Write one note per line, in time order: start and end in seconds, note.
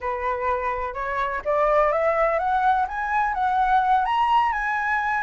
0.00 0.94 B4
0.94 1.41 C#5
1.44 1.92 D5
1.92 2.38 E5
2.38 2.86 F#5
2.87 3.34 G#5
3.34 4.05 F#5
4.05 4.52 A#5
4.52 5.23 G#5